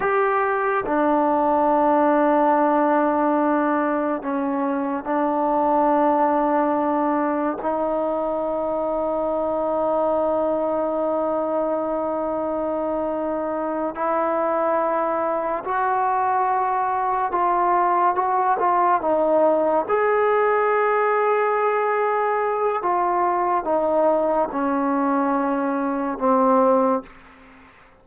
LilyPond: \new Staff \with { instrumentName = "trombone" } { \time 4/4 \tempo 4 = 71 g'4 d'2.~ | d'4 cis'4 d'2~ | d'4 dis'2.~ | dis'1~ |
dis'8 e'2 fis'4.~ | fis'8 f'4 fis'8 f'8 dis'4 gis'8~ | gis'2. f'4 | dis'4 cis'2 c'4 | }